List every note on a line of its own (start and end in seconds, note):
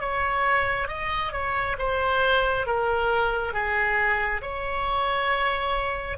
0.00 0.88 C#5
0.88 1.32 D#5
1.32 1.76 C#5
1.78 2.66 C5
2.66 3.53 A#4
3.53 4.41 G#4
4.42 6.18 C#5